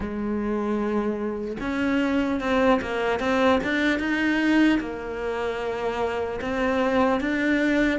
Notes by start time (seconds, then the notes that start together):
0.00 G#3
1.60 C#4
2.40 C4
2.81 A#3
3.19 C4
3.63 D4
3.99 D#4
4.80 A#3
6.41 C4
7.20 D4